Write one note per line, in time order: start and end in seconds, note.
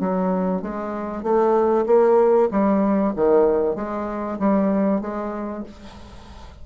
0.00 0.62 F#3
0.62 1.23 G#3
1.23 1.85 A3
1.86 2.49 A#3
2.51 3.13 G3
3.16 3.76 D#3
3.76 4.38 G#3
4.39 5.01 G3
5.01 5.63 G#3